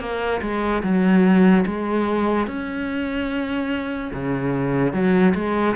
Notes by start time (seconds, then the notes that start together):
0.00 A#3
0.41 G#3
0.83 F#3
1.66 G#3
2.47 C#4
4.14 C#3
4.93 F#3
5.35 G#3